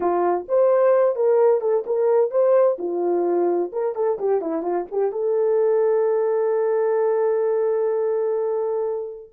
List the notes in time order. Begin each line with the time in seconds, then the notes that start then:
0.00 F4
0.48 C5
1.15 A#4
1.60 A4
1.86 A#4
2.30 C5
2.78 F4
3.72 A#4
3.95 A4
4.18 G4
4.41 E4
4.62 F4
4.91 G4
5.12 A4